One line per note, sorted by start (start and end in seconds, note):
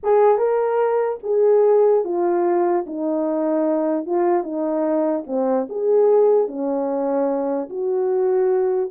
0.03 0.38 G#4
0.38 1.19 A#4
1.23 2.04 G#4
2.04 2.85 F4
2.86 4.06 D#4
4.06 4.43 F4
4.43 5.24 D#4
5.26 5.67 C4
5.69 6.47 G#4
6.47 7.69 C#4
7.69 8.90 F#4